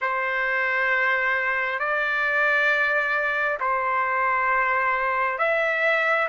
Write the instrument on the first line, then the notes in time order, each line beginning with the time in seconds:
trumpet
0.01 C5
1.79 D5
3.59 C5
5.38 E5